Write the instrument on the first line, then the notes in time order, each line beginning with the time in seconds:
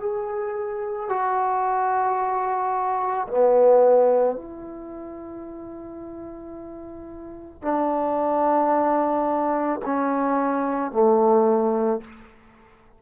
trombone
0.00 G#4
1.09 F#4
3.28 B3
4.35 E4
7.62 D4
9.85 C#4
10.91 A3